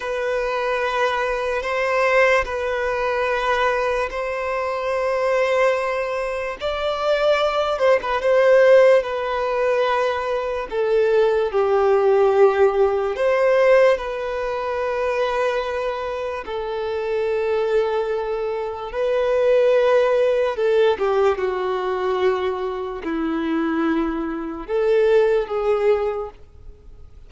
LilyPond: \new Staff \with { instrumentName = "violin" } { \time 4/4 \tempo 4 = 73 b'2 c''4 b'4~ | b'4 c''2. | d''4. c''16 b'16 c''4 b'4~ | b'4 a'4 g'2 |
c''4 b'2. | a'2. b'4~ | b'4 a'8 g'8 fis'2 | e'2 a'4 gis'4 | }